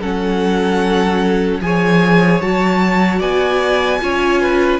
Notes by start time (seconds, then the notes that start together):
0.00 F#3 C#4 A4 F#5
1.61 F3 G#4 C#5 G#5
2.41 F#3 F#4 A5
3.19 B3 D5 G#5
4.01 C#4 F4 C#5
4.42 B4